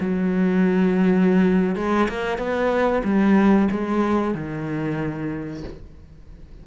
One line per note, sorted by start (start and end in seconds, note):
0.00 1.75 F#3
1.75 2.07 G#3
2.09 2.38 A#3
2.38 3.02 B3
3.04 3.68 G3
3.71 4.34 G#3
4.34 5.63 D#3